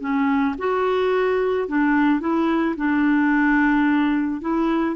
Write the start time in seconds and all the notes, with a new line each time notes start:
0.00 C#4
0.58 F#4
1.68 D4
2.20 E4
2.76 D4
4.41 E4